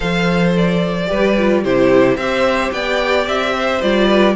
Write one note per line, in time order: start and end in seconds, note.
0.00 1.10 F3
0.00 1.07 A4
0.00 1.08 C5
0.00 0.53 F5
0.56 1.64 D5
1.07 1.65 G3
1.07 1.34 G4
1.07 1.63 B4
1.38 1.64 F4
1.63 2.16 C3
1.63 2.19 E4
1.63 2.17 G4
1.63 2.16 C5
2.16 2.71 C4
2.16 3.82 G4
2.16 2.73 C5
2.16 2.71 E5
2.72 3.27 B3
2.72 3.54 D5
2.72 3.27 G5
3.27 3.81 C4
3.27 3.81 E5
3.54 4.07 C5
3.81 4.35 G3
3.81 4.35 F4
3.81 4.35 D5
4.07 4.34 B4